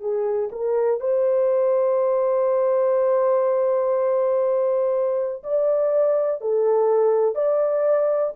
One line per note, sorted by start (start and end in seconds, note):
0.00 0.49 G#4
0.52 1.00 A#4
1.00 5.43 C5
5.43 6.41 D5
6.41 7.35 A4
7.35 8.33 D5